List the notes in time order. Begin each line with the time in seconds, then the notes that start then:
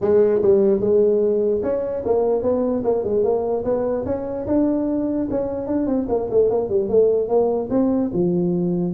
0.01 G#3
0.41 G3
0.80 G#3
1.63 C#4
2.05 A#3
2.42 B3
2.84 A#3
3.04 G#3
3.23 A#3
3.64 B3
4.05 C#4
4.46 D4
5.30 C#4
5.66 D4
5.86 C4
6.08 A#3
6.30 A3
6.50 A#3
6.69 G3
6.88 A3
7.28 A#3
7.70 C4
8.13 F3